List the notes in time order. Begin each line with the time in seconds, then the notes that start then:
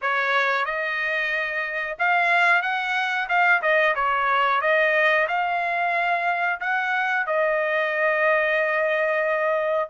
0.01 C#5
0.65 D#5
1.98 F5
2.62 F#5
3.28 F5
3.61 D#5
3.95 C#5
4.61 D#5
5.28 F5
6.60 F#5
7.26 D#5